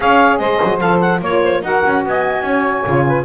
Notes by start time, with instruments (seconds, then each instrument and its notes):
0.00 double bass C#4, saxophone G#4 C#5, clarinet F5
0.38 double bass G#3, saxophone C5, clarinet D#5
0.63 double bass F#3
0.79 double bass F3, saxophone A4, clarinet F5
1.01 clarinet F#5
1.21 double bass A#3, saxophone F4 C#5, clarinet C#5
1.42 saxophone C5
1.62 double bass D#4, saxophone F#4 A#4, clarinet F#5
1.86 double bass C#4
2.05 double bass B3, saxophone D#5, clarinet G#5
2.42 double bass C#4, saxophone C#5
2.85 double bass C#3, saxophone F4
3.06 saxophone B4